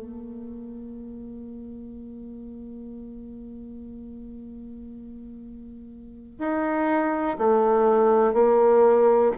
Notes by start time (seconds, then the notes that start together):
0.00 A#3
6.38 D#4
7.38 A3
8.33 A#3